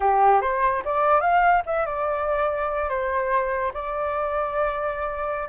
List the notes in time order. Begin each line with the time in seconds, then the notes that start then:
0.00 G4
0.41 C5
0.84 D5
1.21 F5
1.66 E5
1.85 D5
2.89 C5
3.73 D5